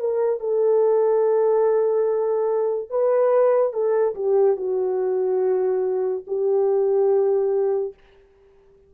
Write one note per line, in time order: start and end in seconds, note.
0.00 0.41 A#4
0.41 2.91 A4
2.91 3.73 B4
3.73 4.15 A4
4.16 4.57 G4
4.57 6.24 F#4
6.28 7.94 G4